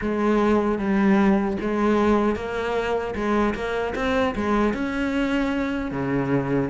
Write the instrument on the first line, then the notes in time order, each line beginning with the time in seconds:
cello
0.01 G#3
0.78 G3
1.60 G#3
2.35 A#3
3.15 G#3
3.54 A#3
3.95 C4
4.35 G#3
4.73 C#4
5.91 C#3